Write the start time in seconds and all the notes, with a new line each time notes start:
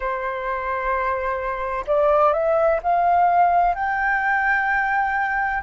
0.00 C5
1.87 D5
2.33 E5
2.82 F5
3.75 G5